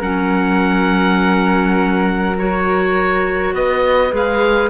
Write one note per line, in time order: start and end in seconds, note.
0.00 3.53 F#3
0.00 2.36 C#4
0.00 3.53 A#4
0.00 2.37 F#5
2.37 4.11 F#4
2.37 3.55 C#5
3.53 4.11 B3
3.53 4.70 B4
3.53 4.13 D#5
4.11 4.70 G#3
4.11 4.69 G#4
4.11 4.70 F5